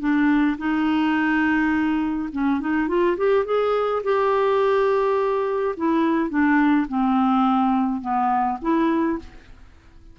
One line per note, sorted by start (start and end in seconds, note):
0.00 0.57 D4
0.58 2.30 D#4
2.33 2.61 C#4
2.61 2.89 D#4
2.89 3.17 F4
3.17 3.46 G4
3.46 4.03 G#4
4.04 5.76 G4
5.77 6.30 E4
6.30 6.87 D4
6.88 8.02 C4
8.02 8.59 B3
8.62 9.19 E4